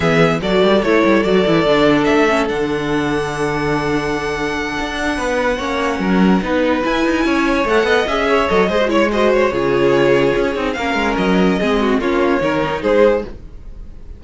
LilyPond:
<<
  \new Staff \with { instrumentName = "violin" } { \time 4/4 \tempo 4 = 145 e''4 d''4 cis''4 d''4~ | d''4 e''4 fis''2~ | fis''1~ | fis''1~ |
fis''8 gis''2 fis''4 e''8~ | e''8 dis''4 cis''8 dis''8 cis''4.~ | cis''2 f''4 dis''4~ | dis''4 cis''2 c''4 | }
  \new Staff \with { instrumentName = "violin" } { \time 4/4 gis'4 a'2.~ | a'1~ | a'1~ | a'8 b'4 cis''4 ais'4 b'8~ |
b'4. cis''4. dis''4 | cis''4 c''8 cis''8 c''4 gis'4~ | gis'2 ais'2 | gis'8 fis'8 f'4 ais'4 gis'4 | }
  \new Staff \with { instrumentName = "viola" } { \time 4/4 b4 fis'4 e'4 fis'8 e'8 | d'4. cis'8 d'2~ | d'1~ | d'4. cis'2 dis'8~ |
dis'8 e'2 a'4 gis'8~ | gis'8 a'8 gis'16 fis'16 e'8 fis'4 f'4~ | f'4. dis'8 cis'2 | c'4 cis'4 dis'2 | }
  \new Staff \with { instrumentName = "cello" } { \time 4/4 e4 fis8 g8 a8 g8 fis8 e8 | d4 a4 d2~ | d2.~ d8 d'8~ | d'8 b4 ais4 fis4 b8~ |
b8 e'8 dis'8 cis'4 a8 b8 cis'8~ | cis'8 fis8 gis2 cis4~ | cis4 cis'8 c'8 ais8 gis8 fis4 | gis4 ais4 dis4 gis4 | }
>>